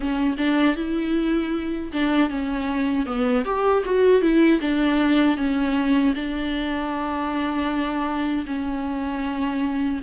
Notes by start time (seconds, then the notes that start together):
0.00 C#4
0.37 D4
0.76 E4
1.92 D4
2.29 C#4
3.06 B3
3.44 G4
3.85 F#4
4.21 E4
4.60 D4
5.37 C#4
6.14 D4
8.46 C#4